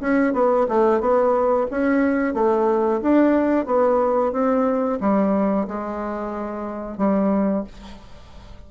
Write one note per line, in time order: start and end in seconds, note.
0.00 0.33 C#4
0.33 0.66 B3
0.68 1.00 A3
1.00 1.67 B3
1.71 2.34 C#4
2.34 3.01 A3
3.02 3.66 D4
3.66 4.32 B3
4.32 4.99 C4
5.00 5.67 G3
5.68 6.97 G#3
6.97 7.64 G3